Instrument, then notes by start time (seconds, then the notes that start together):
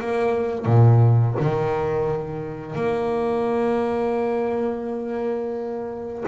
double bass
0.00 A#3
0.65 A#2
1.40 D#3
2.75 A#3